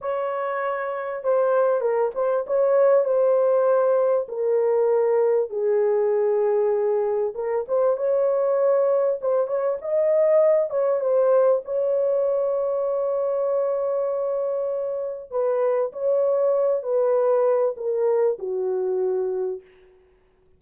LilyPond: \new Staff \with { instrumentName = "horn" } { \time 4/4 \tempo 4 = 98 cis''2 c''4 ais'8 c''8 | cis''4 c''2 ais'4~ | ais'4 gis'2. | ais'8 c''8 cis''2 c''8 cis''8 |
dis''4. cis''8 c''4 cis''4~ | cis''1~ | cis''4 b'4 cis''4. b'8~ | b'4 ais'4 fis'2 | }